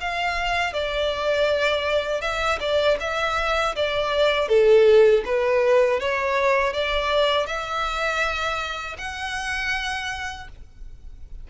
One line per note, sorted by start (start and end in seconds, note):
0.00 0.73 F5
0.73 2.21 D5
2.21 2.58 E5
2.59 2.97 D5
3.00 3.75 E5
3.75 4.48 D5
4.48 5.23 A4
5.25 6.00 B4
6.00 6.73 C#5
6.73 7.46 D5
7.46 8.96 E5
8.98 10.48 F#5